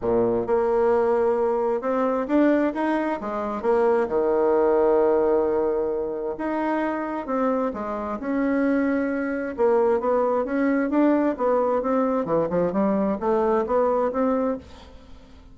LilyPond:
\new Staff \with { instrumentName = "bassoon" } { \time 4/4 \tempo 4 = 132 ais,4 ais2. | c'4 d'4 dis'4 gis4 | ais4 dis2.~ | dis2 dis'2 |
c'4 gis4 cis'2~ | cis'4 ais4 b4 cis'4 | d'4 b4 c'4 e8 f8 | g4 a4 b4 c'4 | }